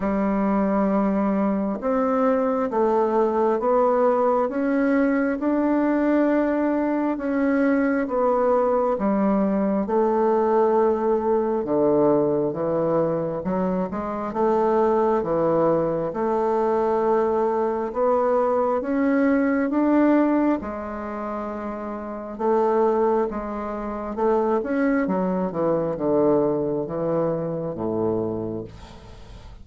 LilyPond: \new Staff \with { instrumentName = "bassoon" } { \time 4/4 \tempo 4 = 67 g2 c'4 a4 | b4 cis'4 d'2 | cis'4 b4 g4 a4~ | a4 d4 e4 fis8 gis8 |
a4 e4 a2 | b4 cis'4 d'4 gis4~ | gis4 a4 gis4 a8 cis'8 | fis8 e8 d4 e4 a,4 | }